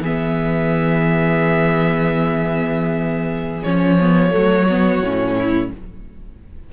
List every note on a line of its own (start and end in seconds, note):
0.00 3.62 E3
0.00 3.65 B3
0.00 4.32 G#4
0.00 3.63 E5
3.63 4.34 F3
3.63 3.99 C#4
3.63 5.70 C#5
4.00 4.31 B3
4.31 5.01 F#3
4.31 4.65 A3
4.31 5.36 F#4
4.69 5.04 B3
5.01 5.70 A2
5.01 5.73 C#4
5.37 5.72 E4